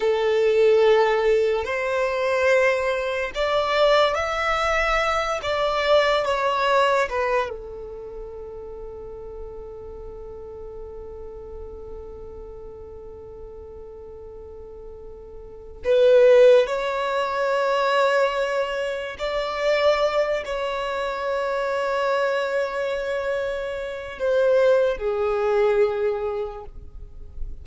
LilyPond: \new Staff \with { instrumentName = "violin" } { \time 4/4 \tempo 4 = 72 a'2 c''2 | d''4 e''4. d''4 cis''8~ | cis''8 b'8 a'2.~ | a'1~ |
a'2. b'4 | cis''2. d''4~ | d''8 cis''2.~ cis''8~ | cis''4 c''4 gis'2 | }